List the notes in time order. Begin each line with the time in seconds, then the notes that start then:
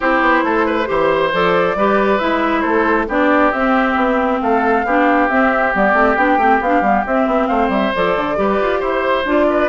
0.00 C4 E4 G4 C5
0.20 B3
0.43 A3 A4
0.66 B4
0.85 E3 G4 C5
1.33 F3 A4 D5
1.75 G3 G4 B4
2.18 G#3 E4 E5
2.60 A3 A4 C5
3.08 B3 D4 G4 D5
3.52 C4 E5
3.95 B3
4.41 A3 A4 F5
4.84 B3 D4 G4
5.28 C4 E5
5.73 G3 B3 D5
5.93 A3 C4
6.16 B3 D4 G5
6.37 A3 C4
6.60 B3 D4 F5
6.81 G3 B3
7.06 C4 E5
7.26 B3
7.47 A3 C5 F5
7.68 G3 E5
7.94 F3 A4 D5
8.16 D3
8.36 G3 G4 B4
8.61 F4
8.79 E4 C5
8.85 C5
9.25 D4 F4 D5
9.49 B4